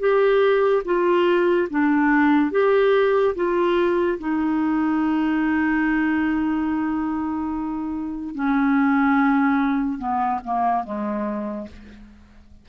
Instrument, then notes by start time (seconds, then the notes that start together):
clarinet
0.00 G4
0.85 F4
1.70 D4
2.52 G4
3.36 F4
4.19 D#4
8.35 C#4
9.99 B3
10.44 A#3
10.84 G#3